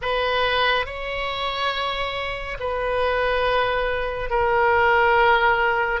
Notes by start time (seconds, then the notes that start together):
0.01 B4
0.86 C#5
2.59 B4
4.30 A#4